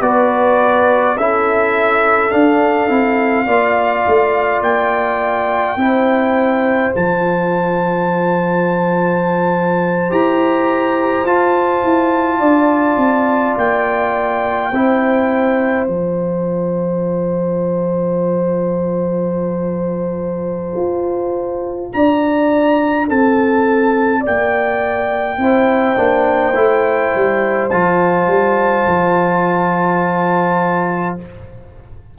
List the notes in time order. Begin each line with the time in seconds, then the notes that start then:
0.00 B3 F#4 B4 D5
1.16 C#4 E4 A4 E5
2.30 D4 F5
2.88 C4 E4
3.46 A#3 F4 D5
4.07 A3
4.61 A#3 G5
5.76 C4 E4 C5
6.93 F3 F4 A5
10.09 E4 G4 A#5
11.24 F4 A5
11.83 E4
12.39 D4 D5
12.96 C4
13.57 A#3 G5
14.70 C4 E4 C5
15.87 F3 F4 A5
20.75 F4
21.92 D4 D5 A#5
23.08 C4 A4 A5
24.19 D5
24.26 A#3 G5
25.37 C4 E4 C5
25.96 A#3 D4
26.54 A3 E4
27.14 G3
27.69 F3 F4 A5
28.27 G3
28.86 F3